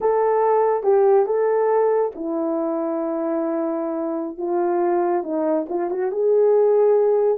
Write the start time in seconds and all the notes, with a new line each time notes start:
0.00 A4
0.83 G4
1.25 A4
2.15 E4
4.37 F4
5.23 D#4
5.69 F4
5.90 F#4
6.11 G#4